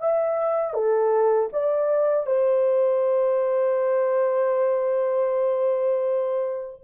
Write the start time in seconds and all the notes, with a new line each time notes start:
0.00 E5
0.74 A4
1.53 D5
2.26 C5